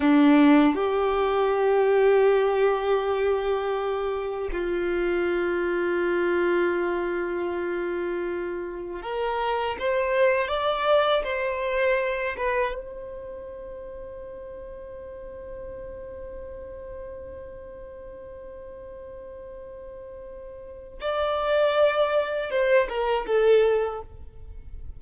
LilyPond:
\new Staff \with { instrumentName = "violin" } { \time 4/4 \tempo 4 = 80 d'4 g'2.~ | g'2 f'2~ | f'1 | ais'4 c''4 d''4 c''4~ |
c''8 b'8 c''2.~ | c''1~ | c''1 | d''2 c''8 ais'8 a'4 | }